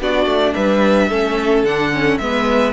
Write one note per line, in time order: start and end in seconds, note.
0.00 0.26 B3
0.00 1.11 D4
0.00 0.54 F#4
0.00 0.54 D5
0.26 0.53 A3
0.54 1.10 G3
0.54 1.09 B4
0.54 1.64 E5
1.09 1.63 A3
1.09 1.66 C#4
1.09 2.19 A4
1.63 2.18 D3
1.63 1.93 D4
1.63 2.18 F#5
1.93 2.20 C#4
2.18 2.73 G#3
2.18 2.73 B3
2.18 2.73 B4
2.18 2.73 E5